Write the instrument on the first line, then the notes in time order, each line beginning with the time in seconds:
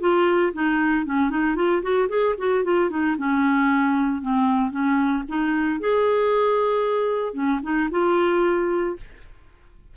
clarinet
0.00 F4
0.53 D#4
1.05 C#4
1.30 D#4
1.56 F4
1.82 F#4
2.09 G#4
2.38 F#4
2.64 F4
2.90 D#4
3.17 C#4
4.22 C4
4.71 C#4
5.28 D#4
5.80 G#4
7.33 C#4
7.63 D#4
7.91 F4